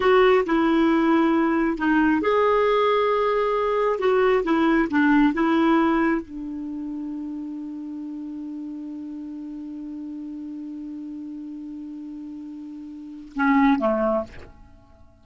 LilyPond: \new Staff \with { instrumentName = "clarinet" } { \time 4/4 \tempo 4 = 135 fis'4 e'2. | dis'4 gis'2.~ | gis'4 fis'4 e'4 d'4 | e'2 d'2~ |
d'1~ | d'1~ | d'1~ | d'2 cis'4 a4 | }